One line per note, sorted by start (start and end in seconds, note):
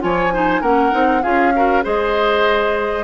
0.00 0.62 F3
0.00 0.30 F4
0.00 0.33 C#5
0.00 0.63 G#5
0.33 0.62 D#4
0.33 0.61 C5
0.61 0.92 A#3
0.61 0.91 C#4
0.61 1.21 A#4
0.61 1.23 F#5
0.91 1.24 C4
0.91 1.21 D#4
1.22 1.85 C#4
1.22 1.53 F4
1.22 1.53 G#4
1.22 1.83 F5
1.55 1.83 F#4
1.55 1.84 A#4
1.83 3.04 G#3
1.83 3.04 G#4
1.83 3.04 C5
1.83 3.04 D#5